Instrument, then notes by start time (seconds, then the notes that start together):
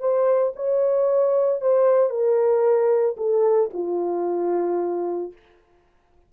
horn
0.00 C5
0.56 C#5
1.61 C5
2.09 A#4
3.17 A4
3.73 F4